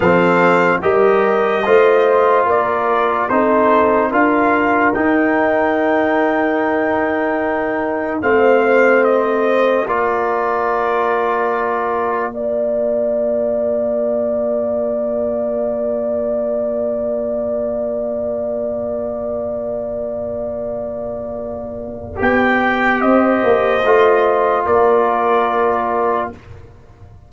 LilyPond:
<<
  \new Staff \with { instrumentName = "trumpet" } { \time 4/4 \tempo 4 = 73 f''4 dis''2 d''4 | c''4 f''4 g''2~ | g''2 f''4 dis''4 | d''2. f''4~ |
f''1~ | f''1~ | f''2. g''4 | dis''2 d''2 | }
  \new Staff \with { instrumentName = "horn" } { \time 4/4 a'4 ais'4 c''4 ais'4 | a'4 ais'2.~ | ais'2 c''2 | ais'2. d''4~ |
d''1~ | d''1~ | d''1 | c''2 ais'2 | }
  \new Staff \with { instrumentName = "trombone" } { \time 4/4 c'4 g'4 f'2 | dis'4 f'4 dis'2~ | dis'2 c'2 | f'2. ais'4~ |
ais'1~ | ais'1~ | ais'2. g'4~ | g'4 f'2. | }
  \new Staff \with { instrumentName = "tuba" } { \time 4/4 f4 g4 a4 ais4 | c'4 d'4 dis'2~ | dis'2 a2 | ais1~ |
ais1~ | ais1~ | ais2. b4 | c'8 ais8 a4 ais2 | }
>>